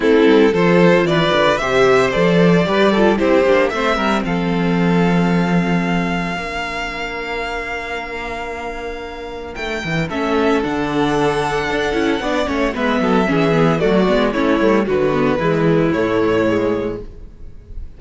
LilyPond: <<
  \new Staff \with { instrumentName = "violin" } { \time 4/4 \tempo 4 = 113 a'4 c''4 d''4 e''4 | d''2 c''4 e''4 | f''1~ | f''1~ |
f''2 g''4 e''4 | fis''1 | e''2 d''4 cis''4 | b'2 cis''2 | }
  \new Staff \with { instrumentName = "violin" } { \time 4/4 e'4 a'4 b'4 c''4~ | c''4 b'8 a'8 g'4 c''8 ais'8 | a'1 | ais'1~ |
ais'2. a'4~ | a'2. d''8 cis''8 | b'8 a'8 gis'4 fis'4 e'4 | fis'4 e'2. | }
  \new Staff \with { instrumentName = "viola" } { \time 4/4 c'4 f'2 g'4 | a'4 g'8 f'8 e'8 d'8 c'4~ | c'1 | d'1~ |
d'2. cis'4 | d'2~ d'8 e'8 d'8 cis'8 | b4 cis'8 b8 a8 b8 cis'8 a8 | fis8 b8 gis4 a4 gis4 | }
  \new Staff \with { instrumentName = "cello" } { \time 4/4 a8 g8 f4 e8 d8 c4 | f4 g4 c'8 ais8 a8 g8 | f1 | ais1~ |
ais2 a8 e8 a4 | d2 d'8 cis'8 b8 a8 | gis8 fis8 e4 fis8 gis8 a8 g8 | d4 e4 a,2 | }
>>